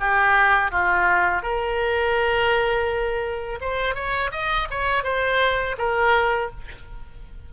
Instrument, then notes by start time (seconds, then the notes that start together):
oboe
0.00 G4
0.71 F4
1.43 A#4
3.61 C5
3.95 C#5
4.32 D#5
4.71 C#5
5.04 C5
5.78 A#4